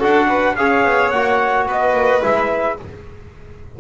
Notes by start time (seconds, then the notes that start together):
0.00 D4 F#4 A4 F#5
0.29 B4
0.56 C#4 G#4 C#5 F5
0.84 B3
1.11 A#3 F#4 F#5
1.67 B3 B4 D#5
1.93 A#3
2.22 G#3 E4 E5